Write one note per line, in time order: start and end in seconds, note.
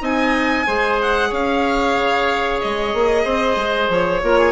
0.00 0.66 C4
0.00 0.65 D#4
0.00 0.66 D#5
0.00 1.02 G#5
0.67 1.32 G#3
0.67 4.22 G#4
0.67 1.29 C5
1.02 1.34 F#5
1.29 1.97 C#4
1.29 3.23 C#5
1.29 2.61 F5
1.97 2.61 C#3
2.61 2.94 G#3
2.61 3.90 D#5
2.94 3.26 A#3
3.24 3.56 C4
3.24 4.21 C5
3.56 3.89 G#3
3.90 4.22 F3
3.90 4.53 C#5
4.23 4.53 A#3
4.23 4.53 F4
4.23 4.39 A#4
4.39 4.53 G#4